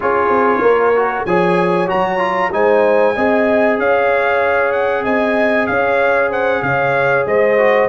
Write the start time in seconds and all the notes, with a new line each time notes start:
0.00 C#4 F4 G#4 C#5
0.29 C4
0.61 A#3 A#4
0.95 F#4
1.25 F3 G#4 C#5 G#5
1.86 F#3 F#4 A#5
2.18 F4
2.52 G#3 D#4 C5 G#5
3.15 C4 G#4 D#5
3.78 C#4 C#5 F5
4.71 F#5
5.04 C4 D#5 G#5
5.67 C#4 C#5 F5
6.30 C5 F#5
6.62 C#3 C#5 F5
7.26 G#3 C5 D#5
7.57 F#4